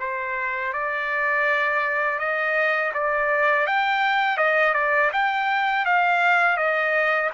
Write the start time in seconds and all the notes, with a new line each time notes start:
0.00 C5
0.73 D5
2.19 D#5
2.94 D5
3.67 G5
4.37 D#5
4.74 D5
5.13 G5
5.86 F5
6.57 D#5